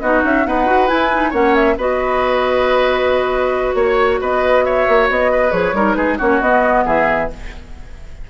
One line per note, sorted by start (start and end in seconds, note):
0.00 0.23 B3
0.00 0.45 D#4
0.00 0.46 F#4
0.00 0.22 D#5
0.23 0.45 C#4
0.23 0.46 E5
0.45 0.66 B3
0.45 0.90 D#4
0.45 1.30 B4
0.45 0.88 F#5
0.66 0.87 F#4
0.87 1.09 E4
0.87 1.33 E4
0.87 1.32 G#5
1.12 1.32 D#4
1.30 1.76 A#3
1.30 1.76 C#4
1.30 1.74 C#5
1.30 1.55 F#5
1.55 1.77 E5
1.76 3.74 B3
1.76 5.50 F#4
1.76 3.76 B4
1.76 3.74 D#5
3.74 4.18 A#3
3.74 4.18 C#5
3.74 4.20 C#5
4.20 4.87 B3
4.20 4.65 B4
4.20 4.64 D#5
4.64 5.31 C#5
4.64 5.08 E5
4.88 5.09 A#3
5.09 5.52 B3
5.09 5.51 D#5
5.31 5.75 B4
5.50 5.73 F3
5.50 5.72 G#4
5.50 5.94 C#5
5.73 5.95 G3
5.73 6.19 D#4
5.73 5.97 A#4
5.94 6.18 G#3
5.94 6.18 G#4
5.94 6.16 B4
6.18 6.41 A#3
6.18 6.41 C#4
6.18 6.84 F#4
6.18 6.41 C#5
6.41 6.85 B3
6.41 7.30 B3
6.41 6.85 D#5
6.85 7.30 E3
6.85 7.29 G#4
6.85 7.30 E5